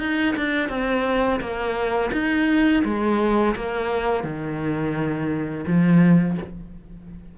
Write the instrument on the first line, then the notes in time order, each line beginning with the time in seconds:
cello
0.00 D#4
0.36 D4
0.69 C4
1.41 A#3
2.12 D#4
2.85 G#3
3.56 A#3
4.24 D#3
5.67 F3